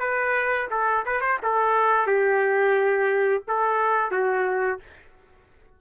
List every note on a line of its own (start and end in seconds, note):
0.00 0.68 B4
0.71 1.05 A4
1.06 1.21 B4
1.21 1.39 C5
1.43 2.07 A4
2.07 3.44 G4
3.48 4.12 A4
4.12 4.80 F#4